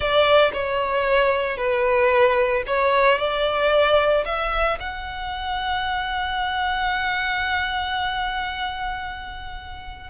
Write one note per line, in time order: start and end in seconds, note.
0.00 0.51 D5
0.53 1.57 C#5
1.57 2.63 B4
2.66 3.18 C#5
3.18 4.24 D5
4.25 4.78 E5
4.80 10.10 F#5